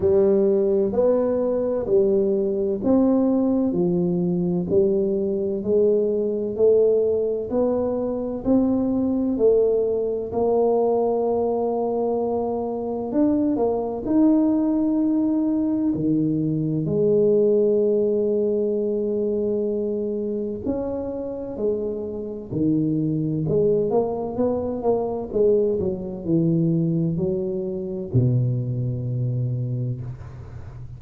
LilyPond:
\new Staff \with { instrumentName = "tuba" } { \time 4/4 \tempo 4 = 64 g4 b4 g4 c'4 | f4 g4 gis4 a4 | b4 c'4 a4 ais4~ | ais2 d'8 ais8 dis'4~ |
dis'4 dis4 gis2~ | gis2 cis'4 gis4 | dis4 gis8 ais8 b8 ais8 gis8 fis8 | e4 fis4 b,2 | }